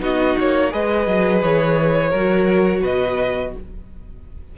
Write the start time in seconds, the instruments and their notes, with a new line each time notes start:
0.00 cello B3, viola D#4, violin F#4 D#5
0.39 cello A#3, violin C#5
0.71 cello G#3, viola G#4, violin B4 D#5
1.07 cello F#3
1.42 cello E3, violin C#5
2.10 cello F#3, violin A#4
2.16 viola F#4
2.82 cello B2, violin B4 D#5